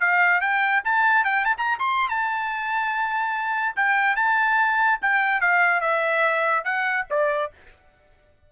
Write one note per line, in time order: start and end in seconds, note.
0.00 0.41 F5
0.41 0.83 G5
0.84 1.24 A5
1.24 1.45 G5
1.45 1.55 A5
1.57 1.78 A#5
1.79 2.09 C6
2.09 3.76 A5
3.76 4.16 G5
4.16 4.99 A5
5.02 5.41 G5
5.41 5.81 F5
5.81 6.64 E5
6.64 7.06 F#5
7.10 7.52 D5